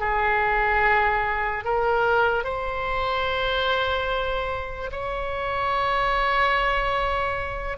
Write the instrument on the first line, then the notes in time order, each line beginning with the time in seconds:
oboe
0.00 G#4
1.64 A#4
2.44 C5
4.92 C#5